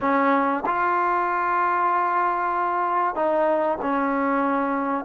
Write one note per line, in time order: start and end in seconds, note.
0.00 0.63 C#4
0.66 3.15 F4
3.15 3.78 D#4
3.81 5.04 C#4